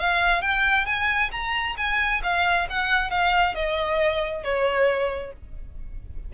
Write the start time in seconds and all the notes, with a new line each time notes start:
0.00 F5
0.42 G5
0.86 G#5
1.32 A#5
1.77 G#5
2.24 F5
2.70 F#5
3.11 F5
3.55 D#5
4.44 C#5